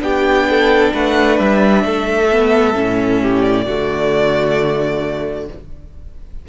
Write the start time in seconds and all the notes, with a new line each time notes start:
0.00 B3 D4 G4 G5
0.50 A4
0.94 A3 B4 F#5
1.39 G3 E5
1.84 A3 A4
2.31 B3
2.75 A2 C#4
3.22 G4
3.42 D5
3.66 D3 A3 F#4